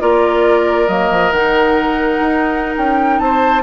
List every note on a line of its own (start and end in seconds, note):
0.00 0.88 A#3
0.00 0.88 F4
0.00 3.21 A#4
0.00 0.88 D5
0.88 1.10 F#3
0.88 1.32 A#3
0.88 1.32 D#5
1.11 1.31 F3
1.31 2.20 D#3
1.31 3.63 D#4
1.31 2.75 F#5
2.20 2.75 D#4
2.77 3.20 C#4
2.77 3.19 G5
3.19 3.63 C4
3.19 3.63 C5
3.19 3.63 A5